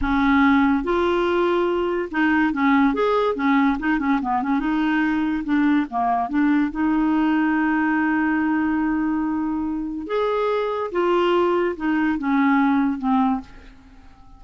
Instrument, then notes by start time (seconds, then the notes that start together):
clarinet
0.01 C#4
0.83 F4
2.11 D#4
2.53 C#4
2.94 G#4
3.35 C#4
3.79 D#4
3.99 C#4
4.21 B3
4.42 C#4
4.59 D#4
5.44 D4
5.90 A#3
6.29 D4
6.71 D#4
10.06 G#4
10.91 F4
11.76 D#4
12.18 C#4
12.98 C4